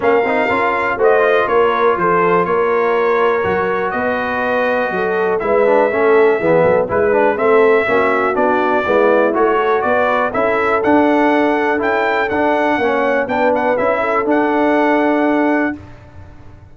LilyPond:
<<
  \new Staff \with { instrumentName = "trumpet" } { \time 4/4 \tempo 4 = 122 f''2 dis''4 cis''4 | c''4 cis''2. | dis''2. e''4~ | e''2 b'4 e''4~ |
e''4 d''2 cis''4 | d''4 e''4 fis''2 | g''4 fis''2 g''8 fis''8 | e''4 fis''2. | }
  \new Staff \with { instrumentName = "horn" } { \time 4/4 ais'2 c''4 ais'4 | a'4 ais'2. | b'2 a'4 b'4 | a'4 gis'8 a'8 b'4 a'4 |
fis'2 e'4. a'8 | b'4 a'2.~ | a'2 cis''4 b'4~ | b'8 a'2.~ a'8 | }
  \new Staff \with { instrumentName = "trombone" } { \time 4/4 cis'8 dis'8 f'4 fis'8 f'4.~ | f'2. fis'4~ | fis'2. e'8 d'8 | cis'4 b4 e'8 d'8 c'4 |
cis'4 d'4 b4 fis'4~ | fis'4 e'4 d'2 | e'4 d'4 cis'4 d'4 | e'4 d'2. | }
  \new Staff \with { instrumentName = "tuba" } { \time 4/4 ais8 c'8 cis'4 a4 ais4 | f4 ais2 fis4 | b2 fis4 gis4 | a4 e8 fis8 gis4 a4 |
ais4 b4 gis4 a4 | b4 cis'4 d'2 | cis'4 d'4 ais4 b4 | cis'4 d'2. | }
>>